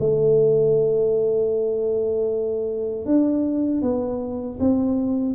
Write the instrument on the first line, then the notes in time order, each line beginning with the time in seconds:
tuba
0.00 A3
3.06 D4
3.82 B3
4.60 C4